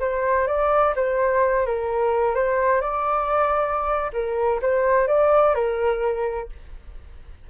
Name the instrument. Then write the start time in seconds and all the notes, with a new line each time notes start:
flute
0.00 C5
0.47 D5
0.96 C5
1.66 A#4
2.35 C5
2.81 D5
4.13 A#4
4.61 C5
5.07 D5
5.54 A#4